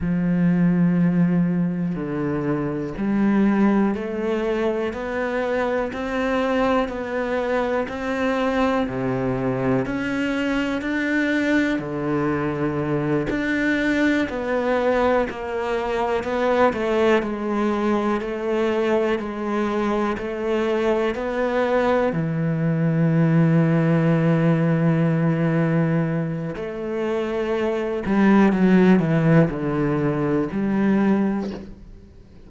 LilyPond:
\new Staff \with { instrumentName = "cello" } { \time 4/4 \tempo 4 = 61 f2 d4 g4 | a4 b4 c'4 b4 | c'4 c4 cis'4 d'4 | d4. d'4 b4 ais8~ |
ais8 b8 a8 gis4 a4 gis8~ | gis8 a4 b4 e4.~ | e2. a4~ | a8 g8 fis8 e8 d4 g4 | }